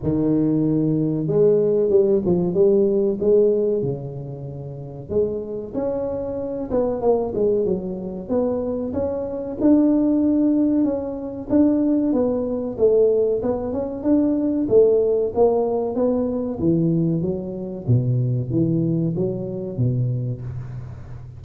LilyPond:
\new Staff \with { instrumentName = "tuba" } { \time 4/4 \tempo 4 = 94 dis2 gis4 g8 f8 | g4 gis4 cis2 | gis4 cis'4. b8 ais8 gis8 | fis4 b4 cis'4 d'4~ |
d'4 cis'4 d'4 b4 | a4 b8 cis'8 d'4 a4 | ais4 b4 e4 fis4 | b,4 e4 fis4 b,4 | }